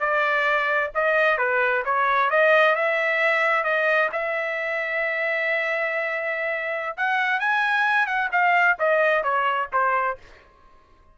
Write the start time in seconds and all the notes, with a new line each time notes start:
0.00 D5
0.95 D#5
1.38 B4
1.85 C#5
2.30 D#5
2.76 E5
3.64 D#5
4.13 E5
6.97 F#5
7.40 G#5
8.07 F#5
8.32 F5
8.79 D#5
9.24 C#5
9.73 C5